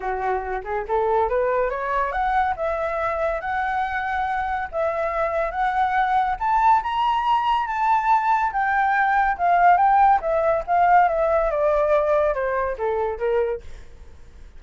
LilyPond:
\new Staff \with { instrumentName = "flute" } { \time 4/4 \tempo 4 = 141 fis'4. gis'8 a'4 b'4 | cis''4 fis''4 e''2 | fis''2. e''4~ | e''4 fis''2 a''4 |
ais''2 a''2 | g''2 f''4 g''4 | e''4 f''4 e''4 d''4~ | d''4 c''4 a'4 ais'4 | }